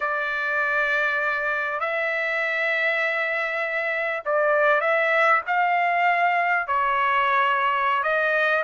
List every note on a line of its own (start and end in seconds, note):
0.00 1.80 D5
1.80 4.22 E5
4.25 4.80 D5
4.80 5.41 E5
5.47 6.67 F5
6.67 8.03 C#5
8.03 8.63 D#5